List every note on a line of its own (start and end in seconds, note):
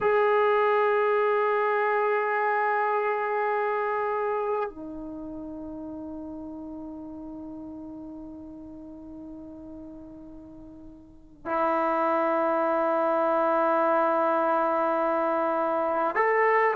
0.01 4.70 G#4
4.70 11.45 D#4
11.45 16.15 E4
16.15 16.74 A4